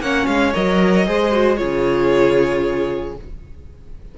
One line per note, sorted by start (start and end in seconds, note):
0.00 0.26 A#3
0.00 0.54 C#4
0.00 1.07 C#5
0.00 0.27 F#5
0.27 0.53 G#3
0.27 0.53 F5
0.54 1.08 F#3
0.54 1.06 A#4
0.54 1.57 D#5
1.06 1.60 G#3
1.06 1.32 G#4
1.06 1.58 C5
1.32 1.56 F#4
1.56 3.18 C#3
1.56 3.14 F4
1.56 3.16 G#4
1.56 3.14 C#5